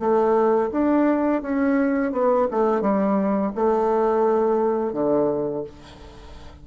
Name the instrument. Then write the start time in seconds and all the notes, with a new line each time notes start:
bassoon
0.00 A3
0.72 D4
1.42 C#4
2.12 B3
2.51 A3
2.81 G3
3.55 A3
4.93 D3